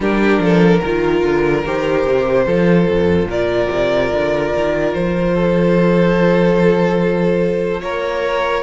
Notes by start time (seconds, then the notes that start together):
0.00 G3 D4 G4 A#4
0.38 F3 A4
0.80 D#3 F4 A#4
1.23 D3
1.65 D#3 G4 C5
2.06 C3
2.46 F3 F4 A4
2.90 F2
3.26 A#2 A#4 D5
3.70 C3
4.12 D3
4.55 D#3
4.93 F3 C5
5.34 A4
7.81 A#3 A#4 C#5